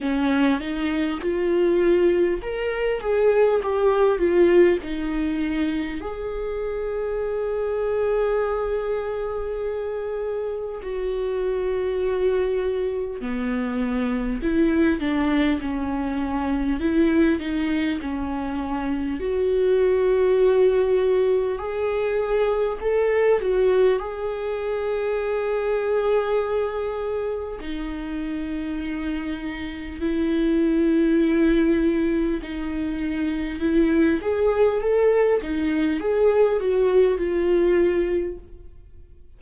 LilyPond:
\new Staff \with { instrumentName = "viola" } { \time 4/4 \tempo 4 = 50 cis'8 dis'8 f'4 ais'8 gis'8 g'8 f'8 | dis'4 gis'2.~ | gis'4 fis'2 b4 | e'8 d'8 cis'4 e'8 dis'8 cis'4 |
fis'2 gis'4 a'8 fis'8 | gis'2. dis'4~ | dis'4 e'2 dis'4 | e'8 gis'8 a'8 dis'8 gis'8 fis'8 f'4 | }